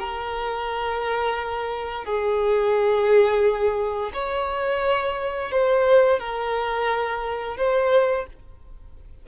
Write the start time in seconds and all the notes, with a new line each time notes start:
0.00 A#4
2.05 G#4
4.14 C#5
5.52 C5
6.20 A#4
7.58 C5